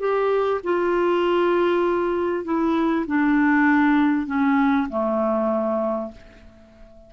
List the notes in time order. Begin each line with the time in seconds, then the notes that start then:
0.00 G4
0.64 F4
2.45 E4
3.07 D4
4.27 C#4
4.90 A3